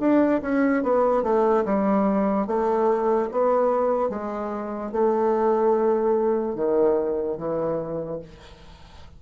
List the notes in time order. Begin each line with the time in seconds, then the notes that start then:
0.00 D4
0.42 C#4
0.84 B3
1.23 A3
1.66 G3
2.47 A3
3.32 B3
4.10 G#3
4.92 A3
6.55 D#3
7.38 E3